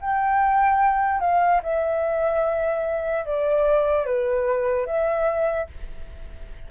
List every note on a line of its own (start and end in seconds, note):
0.00 1.20 G5
1.20 1.60 F5
1.63 3.25 E5
3.25 4.05 D5
4.05 4.86 B4
4.86 5.67 E5